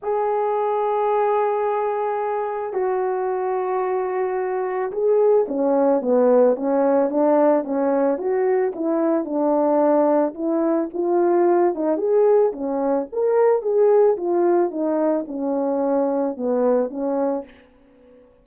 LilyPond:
\new Staff \with { instrumentName = "horn" } { \time 4/4 \tempo 4 = 110 gis'1~ | gis'4 fis'2.~ | fis'4 gis'4 cis'4 b4 | cis'4 d'4 cis'4 fis'4 |
e'4 d'2 e'4 | f'4. dis'8 gis'4 cis'4 | ais'4 gis'4 f'4 dis'4 | cis'2 b4 cis'4 | }